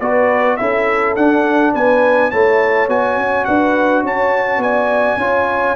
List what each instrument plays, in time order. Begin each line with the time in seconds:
0.00 tuba B3, trombone F#4, horn B4, trumpet D5
0.57 tuba C#4, trombone E4, horn A4, trumpet E5
1.16 tuba D4, trombone D4, trumpet F#5
1.74 tuba B3, horn B4, trumpet G#5
2.31 tuba A3, trombone E4, horn C#5, trumpet A5
2.88 tuba B3, trombone F#4, trumpet G#5
3.17 tuba C#4
3.45 tuba D4, horn B4, trumpet F#5
4.03 tuba C#4, horn C#5, trumpet A5
4.58 tuba B3, horn D5, trumpet G#5
5.17 tuba C#4, trombone F4, horn C#5